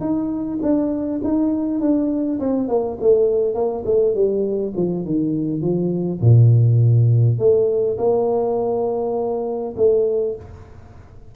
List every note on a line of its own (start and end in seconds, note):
0.00 0.59 D#4
0.62 1.21 D4
1.24 1.81 D#4
1.81 2.40 D4
2.40 2.68 C4
2.68 2.97 A#3
3.01 3.55 A3
3.55 3.84 A#3
3.85 4.14 A3
4.14 4.73 G3
4.76 5.05 F3
5.05 5.61 D#3
5.61 6.20 F3
6.21 7.38 A#2
7.38 7.97 A3
7.98 9.74 A#3
9.76 10.35 A3